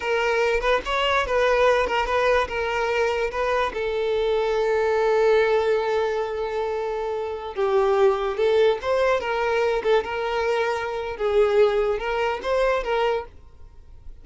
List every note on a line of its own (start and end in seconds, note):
0.00 0.60 A#4
0.60 0.81 B4
0.85 1.26 C#5
1.26 1.86 B4
1.86 2.06 A#4
2.06 2.47 B4
2.48 3.30 A#4
3.31 3.72 B4
3.73 7.54 A4
7.54 8.37 G4
8.37 8.78 A4
8.81 9.20 C5
9.20 9.82 A#4
9.83 10.03 A4
10.04 11.16 A#4
11.16 11.98 G#4
11.98 12.40 A#4
12.42 12.83 C5
12.83 13.25 A#4